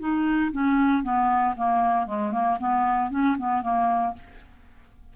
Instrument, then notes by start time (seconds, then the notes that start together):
clarinet
0.00 D#4
0.53 C#4
1.03 B3
1.57 A#3
2.07 G#3
2.33 A#3
2.60 B3
3.11 C#4
3.38 B3
3.63 A#3